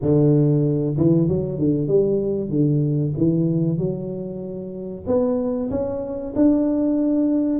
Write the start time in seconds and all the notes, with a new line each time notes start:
0.01 D3
0.97 E3
1.28 F#3
1.58 D3
1.87 G3
2.49 D3
3.17 E3
3.78 F#3
5.06 B3
5.70 C#4
6.35 D4